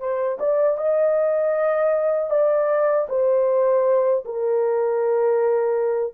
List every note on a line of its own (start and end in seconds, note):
0.00 0.38 C5
0.40 0.78 D5
0.78 2.30 D#5
2.30 3.07 D5
3.09 4.24 C5
4.26 6.14 A#4